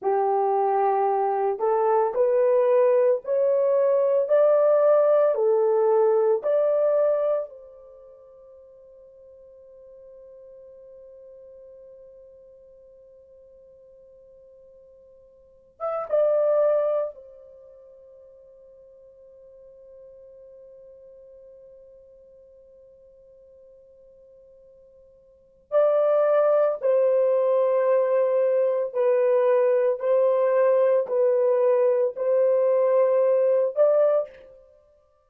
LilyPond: \new Staff \with { instrumentName = "horn" } { \time 4/4 \tempo 4 = 56 g'4. a'8 b'4 cis''4 | d''4 a'4 d''4 c''4~ | c''1~ | c''2~ c''8. e''16 d''4 |
c''1~ | c''1 | d''4 c''2 b'4 | c''4 b'4 c''4. d''8 | }